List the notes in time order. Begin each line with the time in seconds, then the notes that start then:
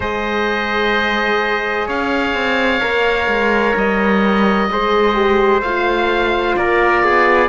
0.00 G#3 G#4 C5 D#5
1.87 C#4 C#5 F5
2.33 C4
2.81 A#3 A#4
3.27 G#3
3.76 G3 D#5
4.70 G#3 G#4 C5
5.14 G4
5.61 A3 F4 F5
6.56 A#3 A#4 D5
7.03 B3 G#4